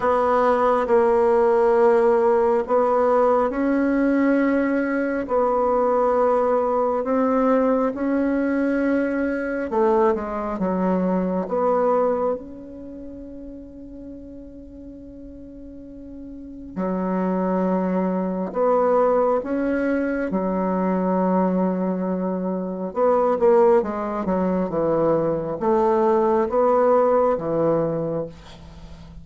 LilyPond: \new Staff \with { instrumentName = "bassoon" } { \time 4/4 \tempo 4 = 68 b4 ais2 b4 | cis'2 b2 | c'4 cis'2 a8 gis8 | fis4 b4 cis'2~ |
cis'2. fis4~ | fis4 b4 cis'4 fis4~ | fis2 b8 ais8 gis8 fis8 | e4 a4 b4 e4 | }